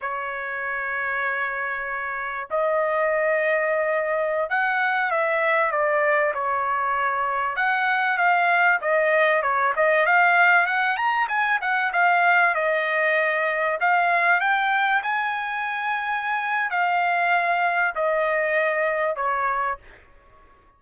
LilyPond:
\new Staff \with { instrumentName = "trumpet" } { \time 4/4 \tempo 4 = 97 cis''1 | dis''2.~ dis''16 fis''8.~ | fis''16 e''4 d''4 cis''4.~ cis''16~ | cis''16 fis''4 f''4 dis''4 cis''8 dis''16~ |
dis''16 f''4 fis''8 ais''8 gis''8 fis''8 f''8.~ | f''16 dis''2 f''4 g''8.~ | g''16 gis''2~ gis''8. f''4~ | f''4 dis''2 cis''4 | }